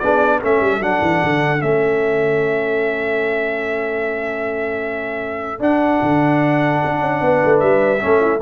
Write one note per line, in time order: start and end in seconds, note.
0.00 0.43 B3
0.00 0.42 D4
0.00 0.40 G#4
0.00 0.40 D5
0.40 0.61 A3
0.40 0.81 C#4
0.40 7.20 A4
0.40 0.83 E5
0.61 0.80 G3
0.80 1.00 F#3
0.80 1.59 D4
0.80 1.62 F#5
1.02 1.22 E3
1.24 1.63 D3
1.59 5.60 A3
1.59 5.59 C#4
1.59 5.62 E5
5.60 8.00 D4
5.60 6.00 D4
5.60 7.60 F#5
6.03 6.83 D3
6.85 7.02 D4
7.02 7.22 C#4
7.22 7.42 B3
7.22 8.04 B4
7.45 7.63 A3
7.60 8.03 G3
7.60 8.40 E5
8.00 8.42 A3
8.00 8.40 C#4
8.00 8.21 A4
8.21 8.41 E4